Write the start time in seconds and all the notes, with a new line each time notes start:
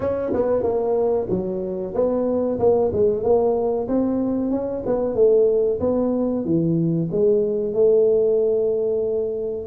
0.00 C#4
0.33 B3
0.62 A#3
1.29 F#3
1.94 B3
2.59 A#3
2.92 G#3
3.23 A#3
3.88 C4
4.50 C#4
4.86 B3
5.14 A3
5.80 B3
6.44 E3
7.11 G#3
7.73 A3